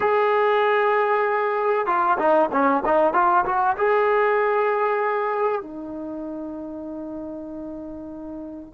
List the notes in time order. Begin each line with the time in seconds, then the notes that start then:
0.00 G#4
1.86 F4
2.18 D#4
2.52 C#4
2.85 D#4
3.13 F4
3.45 F#4
3.77 G#4
5.61 D#4